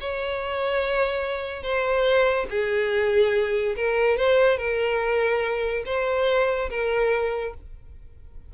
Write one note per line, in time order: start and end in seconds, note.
0.00 1.62 C#5
1.62 2.46 C5
2.49 3.75 G#4
3.76 4.17 A#4
4.17 4.57 C5
4.57 5.83 A#4
5.85 6.69 C5
6.70 7.54 A#4